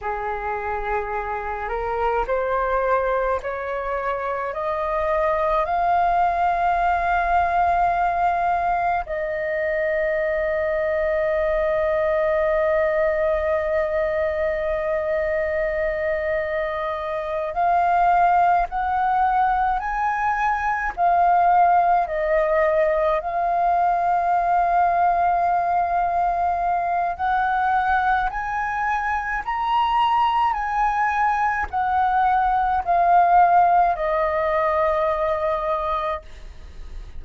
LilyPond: \new Staff \with { instrumentName = "flute" } { \time 4/4 \tempo 4 = 53 gis'4. ais'8 c''4 cis''4 | dis''4 f''2. | dis''1~ | dis''2.~ dis''8 f''8~ |
f''8 fis''4 gis''4 f''4 dis''8~ | dis''8 f''2.~ f''8 | fis''4 gis''4 ais''4 gis''4 | fis''4 f''4 dis''2 | }